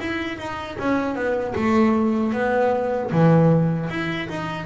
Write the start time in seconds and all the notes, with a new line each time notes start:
0.00 E4
0.38 D#4
0.79 C#4
1.15 B3
1.55 A3
2.33 B3
3.11 E3
3.89 E4
4.29 D#4